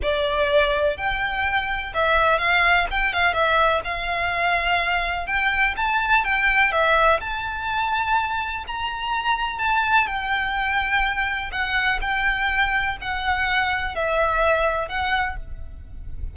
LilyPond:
\new Staff \with { instrumentName = "violin" } { \time 4/4 \tempo 4 = 125 d''2 g''2 | e''4 f''4 g''8 f''8 e''4 | f''2. g''4 | a''4 g''4 e''4 a''4~ |
a''2 ais''2 | a''4 g''2. | fis''4 g''2 fis''4~ | fis''4 e''2 fis''4 | }